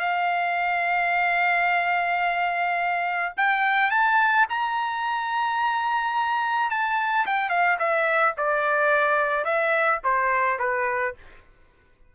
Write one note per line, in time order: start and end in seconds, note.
0.00 3.33 F5
3.37 3.91 G5
3.91 4.47 A5
4.50 6.71 A#5
6.71 7.26 A5
7.27 7.50 G5
7.50 7.78 F5
7.79 8.35 E5
8.38 9.45 D5
9.45 10.01 E5
10.04 10.60 C5
10.60 11.15 B4